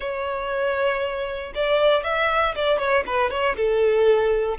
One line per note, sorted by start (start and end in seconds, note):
0.00 1.52 C#5
1.54 2.03 D5
2.03 2.54 E5
2.55 2.78 D5
2.78 3.03 C#5
3.06 3.30 B4
3.30 3.56 C#5
3.56 4.58 A4